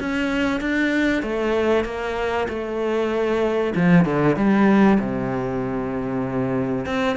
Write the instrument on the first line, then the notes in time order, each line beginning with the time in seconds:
cello
0.00 C#4
0.61 D4
1.23 A3
1.85 A#3
2.49 A3
3.76 F3
4.05 D3
4.36 G3
5.00 C3
6.86 C4